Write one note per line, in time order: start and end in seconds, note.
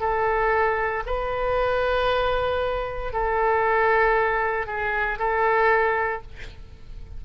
0.00 1.03 A4
1.06 3.13 B4
3.13 4.67 A4
4.67 5.19 G#4
5.19 6.23 A4